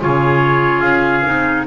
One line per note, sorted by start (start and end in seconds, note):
0.00 0.82 C#3
0.00 1.25 F4
0.00 1.67 G#4
0.00 0.81 C#5
0.81 1.24 C#4
0.81 1.64 F5
1.25 1.67 C4
1.25 1.66 D#4